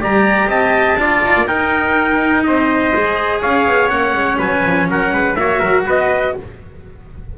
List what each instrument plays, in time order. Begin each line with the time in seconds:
0.00 double bass G3, cello G4, trumpet D5 A#5
0.47 double bass C4, trumpet D#5 A5
0.96 double bass D4, cello F4, trumpet D5
1.26 double bass D#4
1.36 double bass A#3
1.47 cello D#4, double bass D#4, trumpet A#4 G5
2.44 double bass C4, trumpet C5 D#5
2.95 double bass G#3, cello G#4
3.41 double bass C#4, trumpet C#5 F5
3.67 double bass B3
3.90 double bass A#3, cello C#4, trumpet F#5
4.14 double bass G#3
4.39 double bass F#3, trumpet B4 G#5
4.65 double bass F3
4.88 double bass F#3, trumpet A#4 F#5
5.13 double bass G#3, trumpet B4
5.36 double bass A#3, cello F#4, trumpet C#5 E5
5.60 double bass F#3, trumpet A#4
5.85 double bass B3, trumpet B4 D#5